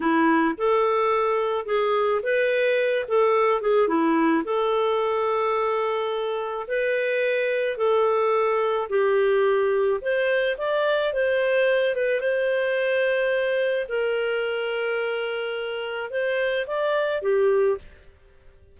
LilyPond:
\new Staff \with { instrumentName = "clarinet" } { \time 4/4 \tempo 4 = 108 e'4 a'2 gis'4 | b'4. a'4 gis'8 e'4 | a'1 | b'2 a'2 |
g'2 c''4 d''4 | c''4. b'8 c''2~ | c''4 ais'2.~ | ais'4 c''4 d''4 g'4 | }